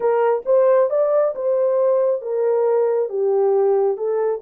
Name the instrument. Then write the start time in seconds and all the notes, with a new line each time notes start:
horn
0.00 A#4
0.45 C5
0.90 D5
1.35 C5
2.21 A#4
3.09 G4
3.97 A4